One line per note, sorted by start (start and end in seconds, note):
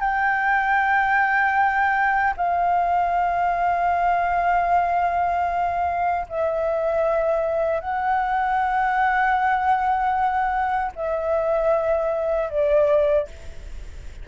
0.00 2.34 G5
2.37 6.27 F5
6.29 7.81 E5
7.81 10.92 F#5
10.96 12.50 E5
12.50 13.28 D5